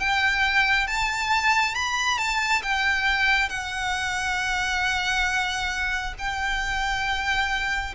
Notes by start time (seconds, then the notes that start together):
0.00 G5
0.87 A5
1.75 B5
2.19 A5
2.63 G5
3.50 F#5
6.19 G5